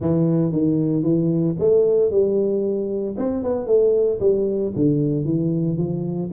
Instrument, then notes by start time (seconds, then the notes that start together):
tuba
0.00 E3
0.51 D#3
1.03 E3
1.59 A3
2.11 G3
3.17 C4
3.43 B3
3.66 A3
4.20 G3
4.75 D3
5.24 E3
5.77 F3